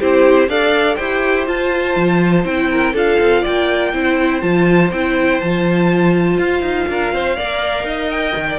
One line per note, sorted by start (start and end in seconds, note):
0.00 0.48 C4
0.00 0.49 E4
0.00 0.49 G4
0.00 0.50 C5
0.48 0.98 D4
0.48 0.98 A4
0.48 0.96 D5
0.48 0.96 F5
0.96 1.48 E4
0.96 1.47 G4
0.96 2.68 C5
0.96 1.45 G5
1.47 2.45 F4
1.47 1.96 F4
1.47 2.45 A5
1.96 2.45 F3
2.45 2.94 C4
2.45 2.94 E4
2.45 2.95 G5
2.71 2.94 A#4
2.94 3.19 D4
2.94 3.94 F4
2.94 3.42 A4
2.94 3.45 F5
3.20 3.45 C4
3.42 3.94 A#3
3.42 3.91 D5
3.42 4.42 G5
3.94 4.43 C4
3.94 4.41 E4
3.94 6.89 C5
4.41 4.91 F3
4.41 4.91 F4
4.41 4.91 A5
4.91 5.41 C4
4.91 5.43 E4
4.91 5.41 G5
5.41 6.38 F3
5.41 7.37 F4
5.41 6.39 A5
6.38 6.62 F4
6.38 8.11 F5
6.62 6.87 D#4
6.89 7.13 D4
6.89 7.14 A#4
7.13 7.38 C4
7.13 7.37 C5
7.37 7.84 A#3
7.37 8.59 A#4
7.37 7.86 D5
7.84 8.33 D#4
7.84 8.47 D#5
8.11 8.59 G5
8.36 8.59 D#3
8.50 8.59 D5